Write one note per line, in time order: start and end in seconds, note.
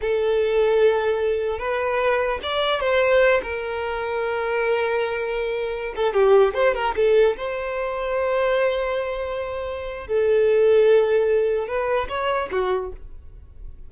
0.01 1.59 A4
1.59 2.39 B4
2.43 2.80 D5
2.80 3.40 C5
3.42 5.94 A#4
5.96 6.13 A4
6.13 6.53 G4
6.54 6.74 C5
6.74 6.94 A#4
6.96 7.36 A4
7.36 10.07 C5
10.07 11.67 A4
11.67 12.07 B4
12.08 12.49 C#5
12.51 12.92 F#4